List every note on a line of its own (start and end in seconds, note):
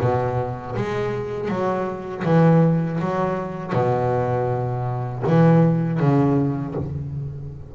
0.00 0.75 B2
0.75 1.48 G#3
1.48 2.23 F#3
2.24 2.99 E3
3.00 3.73 F#3
3.73 5.23 B2
5.27 6.00 E3
6.00 6.75 C#3